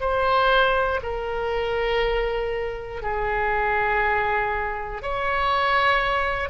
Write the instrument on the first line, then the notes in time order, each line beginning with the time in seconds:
oboe
0.00 C5
1.03 A#4
3.02 G#4
5.02 C#5